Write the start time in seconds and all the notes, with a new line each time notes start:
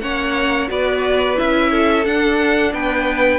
0.00 A#3 C#4 C#5 F#5
0.68 B3 F#4 B4 D5
1.36 C#4 E4 E5
1.70 A4
2.05 D4 F#5
2.73 B3 B4 G5